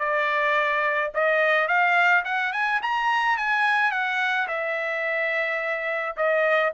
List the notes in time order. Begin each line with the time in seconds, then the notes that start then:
0.00 D5
1.15 D#5
1.68 F5
2.25 F#5
2.53 G#5
2.83 A#5
3.38 G#5
3.92 F#5
4.48 E5
6.17 D#5